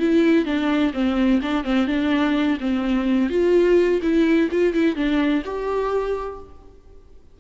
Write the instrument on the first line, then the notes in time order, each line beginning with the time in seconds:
viola
0.00 E4
0.46 D4
0.94 C4
1.42 D4
1.64 C4
1.87 D4
2.60 C4
3.30 F4
4.02 E4
4.52 F4
4.74 E4
4.96 D4
5.45 G4